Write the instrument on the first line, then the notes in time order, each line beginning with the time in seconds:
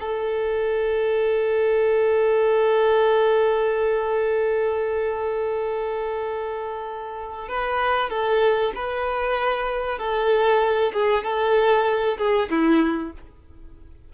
violin
0.00 A4
7.49 B4
8.10 A4
8.75 B4
9.99 A4
10.93 G#4
11.24 A4
12.18 G#4
12.50 E4